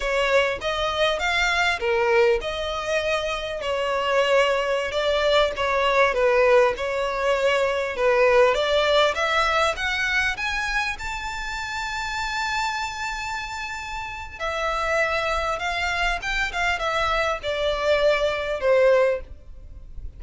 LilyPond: \new Staff \with { instrumentName = "violin" } { \time 4/4 \tempo 4 = 100 cis''4 dis''4 f''4 ais'4 | dis''2 cis''2~ | cis''16 d''4 cis''4 b'4 cis''8.~ | cis''4~ cis''16 b'4 d''4 e''8.~ |
e''16 fis''4 gis''4 a''4.~ a''16~ | a''1 | e''2 f''4 g''8 f''8 | e''4 d''2 c''4 | }